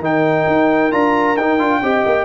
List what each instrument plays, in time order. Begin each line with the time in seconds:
0.00 tuba D#3, trombone D#4, horn A#4, trumpet G5
0.47 tuba D#4
0.92 tuba D4, trombone F4, trumpet A#5
1.37 tuba D#4, trombone D#4, trumpet G5
1.59 tuba D4, trombone F4
1.83 tuba C4, trombone G4, horn D#5
2.06 tuba A#3